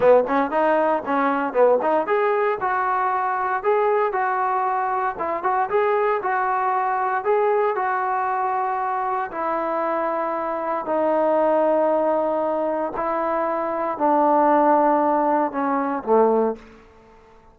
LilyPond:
\new Staff \with { instrumentName = "trombone" } { \time 4/4 \tempo 4 = 116 b8 cis'8 dis'4 cis'4 b8 dis'8 | gis'4 fis'2 gis'4 | fis'2 e'8 fis'8 gis'4 | fis'2 gis'4 fis'4~ |
fis'2 e'2~ | e'4 dis'2.~ | dis'4 e'2 d'4~ | d'2 cis'4 a4 | }